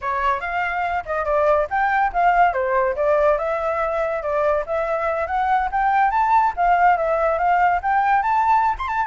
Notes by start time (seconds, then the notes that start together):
0.01 C#5
0.40 F5
1.05 D#5
1.25 D5
1.70 G5
2.12 F5
2.53 C5
2.95 D5
3.38 E5
4.22 D5
4.66 E5
5.26 F#5
5.71 G5
6.11 A5
6.56 F5
6.97 E5
7.38 F5
7.82 G5
8.22 A5
8.78 C6
8.87 A5